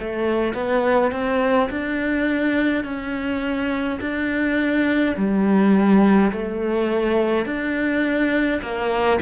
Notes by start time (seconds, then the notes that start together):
0.00 A3
0.54 B3
1.12 C4
1.70 D4
2.84 C#4
4.00 D4
5.16 G3
6.32 A3
7.46 D4
8.62 A#3